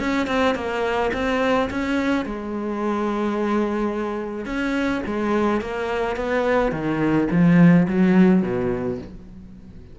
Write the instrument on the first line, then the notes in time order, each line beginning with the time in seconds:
cello
0.00 C#4
0.27 C4
0.55 A#3
1.13 C4
1.71 C#4
2.26 G#3
4.46 C#4
5.06 G#3
5.61 A#3
6.16 B3
6.72 D#3
7.31 F3
7.88 F#3
8.42 B2